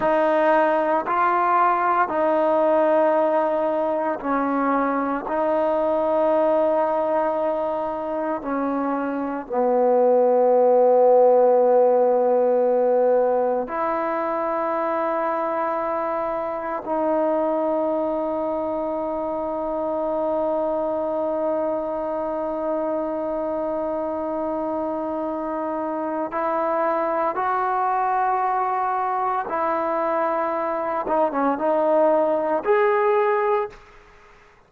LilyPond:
\new Staff \with { instrumentName = "trombone" } { \time 4/4 \tempo 4 = 57 dis'4 f'4 dis'2 | cis'4 dis'2. | cis'4 b2.~ | b4 e'2. |
dis'1~ | dis'1~ | dis'4 e'4 fis'2 | e'4. dis'16 cis'16 dis'4 gis'4 | }